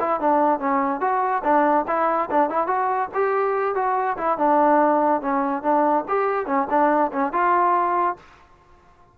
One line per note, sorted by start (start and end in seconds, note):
0.00 0.20 E4
0.20 0.59 D4
0.59 1.01 C#4
1.01 1.43 F#4
1.44 1.86 D4
1.87 2.29 E4
2.31 2.50 D4
2.50 2.67 E4
2.67 3.09 F#4
3.14 3.75 G4
3.75 4.17 F#4
4.17 4.38 E4
4.38 5.21 D4
5.21 5.63 C#4
5.63 6.05 D4
6.08 6.46 G4
6.46 6.67 C#4
6.70 7.12 D4
7.12 7.33 C#4
7.33 8.17 F4